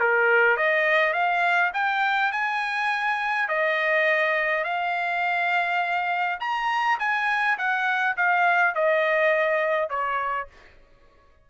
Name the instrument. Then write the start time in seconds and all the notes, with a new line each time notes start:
trumpet
0.00 A#4
0.57 D#5
1.13 F5
1.74 G5
2.32 G#5
3.48 D#5
4.64 F5
6.40 A#5
6.99 G#5
7.58 F#5
8.17 F5
8.75 D#5
9.89 C#5